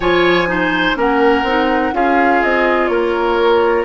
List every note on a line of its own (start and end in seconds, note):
0.00 0.94 F3
0.00 0.47 F4
0.00 0.48 C#5
0.00 0.96 G#5
0.47 0.95 D#4
0.47 0.97 C5
0.95 1.43 A#3
0.95 1.44 C#4
0.95 1.94 A#4
0.95 1.94 F#5
1.43 1.91 C4
1.43 1.92 D#4
1.92 2.41 C#4
1.92 3.84 F4
1.92 2.90 G#4
1.92 2.43 F5
2.43 2.89 C4
2.43 2.87 D#5
2.87 3.84 A#3
2.87 3.84 A#4
2.87 3.84 C#5